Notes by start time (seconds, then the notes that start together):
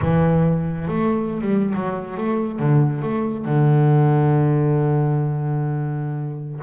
0.01 E3
0.88 A3
1.41 G3
1.74 F#3
2.17 A3
2.59 D3
3.02 A3
3.44 D3